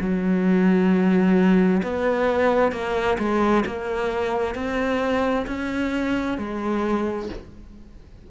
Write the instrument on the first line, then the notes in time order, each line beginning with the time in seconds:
cello
0.00 F#3
1.83 B3
2.72 A#3
3.18 G#3
3.66 A#3
4.55 C4
5.47 C#4
6.38 G#3